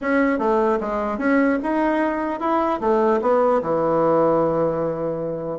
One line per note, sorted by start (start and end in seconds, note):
0.01 0.38 C#4
0.38 0.78 A3
0.80 1.18 G#3
1.18 1.58 C#4
1.63 2.39 D#4
2.39 2.79 E4
2.80 3.20 A3
3.21 3.61 B3
3.61 5.59 E3